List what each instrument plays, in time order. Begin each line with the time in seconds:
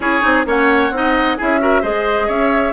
0.00 bassoon C#4, clarinet E4, oboe G#4, flute C#5
0.21 bassoon C4, clarinet D#4
0.45 bassoon A#3, clarinet C#4, oboe C#5, flute F#5
0.90 bassoon C4, clarinet D#4
0.96 oboe D#5
1.37 bassoon C#4, clarinet E4, oboe G#4, flute E5
1.59 clarinet F#4, oboe A#4
1.81 bassoon G#3, clarinet G#4, oboe C5, flute D#5
2.27 bassoon C#4, oboe C#5, flute E5